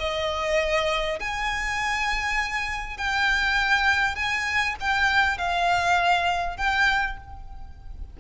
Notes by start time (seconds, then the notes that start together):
0.00 D#5
1.20 G#5
2.98 G5
4.16 G#5
4.81 G5
5.38 F5
6.58 G5